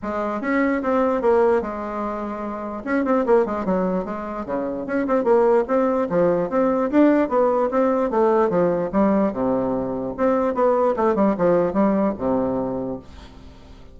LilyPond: \new Staff \with { instrumentName = "bassoon" } { \time 4/4 \tempo 4 = 148 gis4 cis'4 c'4 ais4 | gis2. cis'8 c'8 | ais8 gis8 fis4 gis4 cis4 | cis'8 c'8 ais4 c'4 f4 |
c'4 d'4 b4 c'4 | a4 f4 g4 c4~ | c4 c'4 b4 a8 g8 | f4 g4 c2 | }